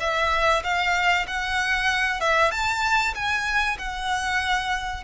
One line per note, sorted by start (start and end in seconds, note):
0.00 0.62 E5
0.63 1.26 F5
1.27 2.20 F#5
2.20 2.51 E5
2.51 3.14 A5
3.14 3.77 G#5
3.78 5.03 F#5